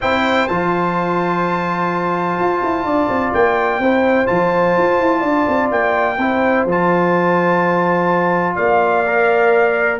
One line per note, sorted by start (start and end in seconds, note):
0.00 0.49 C4
0.00 0.48 E4
0.00 2.85 C5
0.00 0.47 G5
0.47 2.39 F3
0.47 3.82 F4
0.47 3.33 A5
2.39 2.62 F4
2.63 2.84 E4
2.84 3.08 D4
2.84 3.80 D5
3.08 3.32 C4
3.33 3.79 A#3
3.33 4.26 G5
3.79 4.27 C4
3.79 4.26 E4
3.79 5.19 C5
4.26 4.77 F3
4.26 6.16 F4
4.26 5.69 A5
4.77 4.99 F4
4.99 5.22 E4
5.19 5.46 D4
5.19 6.15 D5
5.47 5.71 C4
5.71 6.17 A#3
5.71 6.66 G5
6.17 6.65 C4
6.17 6.67 E4
6.17 8.55 C5
6.65 8.55 F3
6.65 9.06 F4
6.65 8.55 A5
8.55 9.99 A#3
8.55 9.98 D5
8.55 9.98 F5
9.06 9.99 A#4